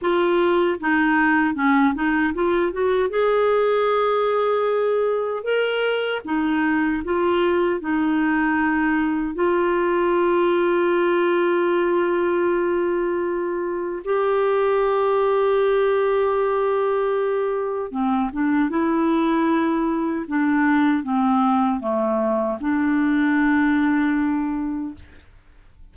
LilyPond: \new Staff \with { instrumentName = "clarinet" } { \time 4/4 \tempo 4 = 77 f'4 dis'4 cis'8 dis'8 f'8 fis'8 | gis'2. ais'4 | dis'4 f'4 dis'2 | f'1~ |
f'2 g'2~ | g'2. c'8 d'8 | e'2 d'4 c'4 | a4 d'2. | }